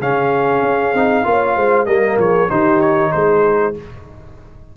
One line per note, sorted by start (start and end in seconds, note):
0.00 0.62 C#3
0.00 0.95 C#4
0.00 1.27 G#4
0.00 1.86 F5
0.62 0.93 C#4
0.93 1.25 C4
0.93 1.24 D#4
1.24 1.56 A#3
1.24 1.86 F4
1.24 1.56 C#5
1.56 1.86 G#3
1.56 1.87 C5
1.86 2.18 G3
1.86 2.49 A#3
1.86 2.18 A#4
1.86 2.17 D#5
2.18 2.49 F3
2.18 2.49 G#4
2.18 2.50 C#5
2.49 3.13 D#3
2.49 3.74 D#4
2.49 3.12 G4
2.49 2.81 C5
2.81 3.12 C#5
3.12 3.77 G#3
3.12 3.75 G#4
3.12 3.74 C5